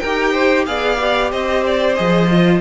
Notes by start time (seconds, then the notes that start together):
0.00 D#4 A#4 G5
0.06 G4
0.33 C5
0.66 B3 G#4 D5 F5
1.01 G4
1.32 C4 C5 D#5
1.66 D5
1.96 F3 G#4 D#5
2.31 F4